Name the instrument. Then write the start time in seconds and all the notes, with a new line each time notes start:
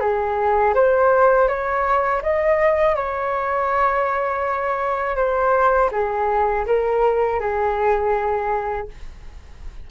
flute
0.00 G#4
0.74 C5
1.48 C#5
2.23 D#5
2.96 C#5
5.16 C5
5.92 G#4
6.66 A#4
7.40 G#4